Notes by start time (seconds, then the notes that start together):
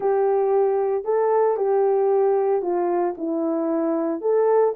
0.00 G4
1.04 A4
1.56 G4
2.61 F4
3.17 E4
4.21 A4